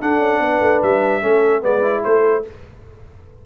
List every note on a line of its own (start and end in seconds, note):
0.00 1.21 D4
0.00 0.18 D4
0.00 0.41 A4
0.00 0.82 F#5
0.18 0.39 C#4
0.39 0.59 B3
0.39 1.22 B4
0.60 0.80 A3
0.82 1.22 G3
0.82 1.63 E5
1.21 1.63 A3
1.21 1.61 C#4
1.21 1.61 A4
1.61 2.04 G#3
1.61 1.81 B3
1.61 2.01 B4
1.61 2.03 D5
1.81 2.42 E4
2.03 2.45 A3
2.03 2.44 A4
2.03 2.44 C5